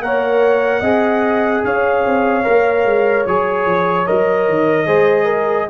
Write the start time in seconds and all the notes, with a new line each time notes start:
0.00 A#3 A#4 C#5 F#5
0.81 C4 G#4 D#5
1.65 C#4 C#5 F5
2.06 C4
2.44 A#3 A#4
2.85 G#3
3.27 F#3 G#4 C#5
3.66 F3
4.07 F#3 A#4 D#5
4.49 D#3
4.87 G#3 G#4 C5
5.25 A#4